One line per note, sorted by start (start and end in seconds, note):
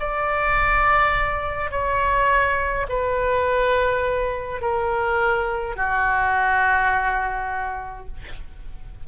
0.00 1.72 D5
1.72 2.87 C#5
2.89 4.62 B4
4.62 5.76 A#4
5.76 8.07 F#4